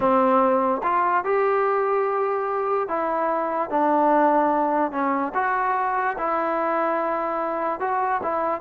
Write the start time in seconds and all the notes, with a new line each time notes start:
0.00 C4
0.83 F4
1.24 G4
2.88 E4
3.69 D4
4.91 C#4
5.34 F#4
6.18 E4
7.80 F#4
8.22 E4